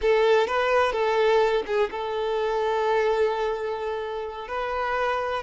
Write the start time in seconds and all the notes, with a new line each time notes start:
0.01 A4
0.47 B4
0.92 A4
1.66 G#4
1.90 A4
4.48 B4